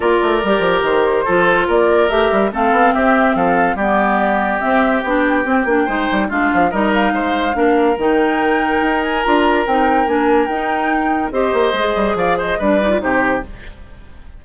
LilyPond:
<<
  \new Staff \with { instrumentName = "flute" } { \time 4/4 \tempo 4 = 143 d''2 c''2 | d''4 e''4 f''4 e''4 | f''4 d''2 e''4 | g''2. f''4 |
dis''8 f''2~ f''8 g''4~ | g''4. gis''8 ais''4 g''4 | gis''4 g''2 dis''4~ | dis''4 f''8 dis''8 d''4 c''4 | }
  \new Staff \with { instrumentName = "oboe" } { \time 4/4 ais'2. a'4 | ais'2 a'4 g'4 | a'4 g'2.~ | g'2 c''4 f'4 |
ais'4 c''4 ais'2~ | ais'1~ | ais'2. c''4~ | c''4 d''8 c''8 b'4 g'4 | }
  \new Staff \with { instrumentName = "clarinet" } { \time 4/4 f'4 g'2 f'4~ | f'4 g'4 c'2~ | c'4 b2 c'4 | d'4 c'8 d'8 dis'4 d'4 |
dis'2 d'4 dis'4~ | dis'2 f'4 dis'4 | d'4 dis'2 g'4 | gis'2 d'8 dis'16 f'16 dis'4 | }
  \new Staff \with { instrumentName = "bassoon" } { \time 4/4 ais8 a8 g8 f8 dis4 f4 | ais4 a8 g8 a8 b8 c'4 | f4 g2 c'4 | b4 c'8 ais8 gis8 g8 gis8 f8 |
g4 gis4 ais4 dis4~ | dis4 dis'4 d'4 c'4 | ais4 dis'2 c'8 ais8 | gis8 g8 f4 g4 c4 | }
>>